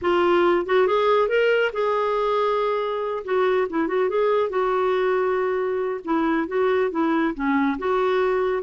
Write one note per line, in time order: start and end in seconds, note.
0.01 0.66 F4
0.66 0.87 F#4
0.87 1.28 G#4
1.28 1.71 A#4
1.72 3.23 G#4
3.24 3.67 F#4
3.69 3.87 E4
3.87 4.09 F#4
4.09 4.49 G#4
4.49 6.00 F#4
6.04 6.47 E4
6.47 6.91 F#4
6.91 7.34 E4
7.34 7.77 C#4
7.78 8.62 F#4